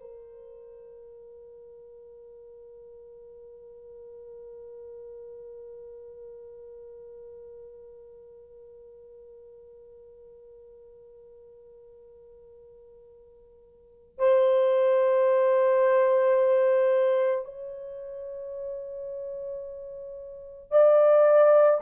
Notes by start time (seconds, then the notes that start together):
0.00 A#4
14.18 C5
17.44 C#5
20.71 D5